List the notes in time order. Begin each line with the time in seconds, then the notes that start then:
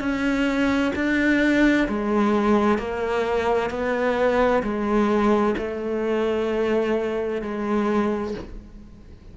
0.00 C#4
0.95 D4
1.88 G#3
2.78 A#3
3.70 B3
4.63 G#3
5.58 A3
7.42 G#3